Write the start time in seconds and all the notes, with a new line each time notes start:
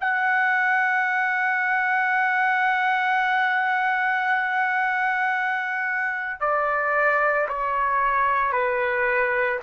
0.00 F#5
6.40 D5
7.48 C#5
8.52 B4